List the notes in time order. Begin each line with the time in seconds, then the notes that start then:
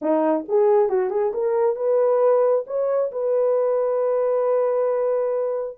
0.01 D#4
0.48 G#4
0.89 F#4
1.10 G#4
1.33 A#4
1.76 B4
2.66 C#5
3.11 B4